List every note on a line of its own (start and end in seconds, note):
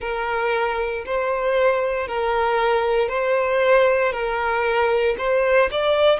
0.00 1.04 A#4
1.05 2.07 C5
2.07 3.08 A#4
3.08 4.12 C5
4.12 5.15 A#4
5.17 5.69 C5
5.71 6.19 D5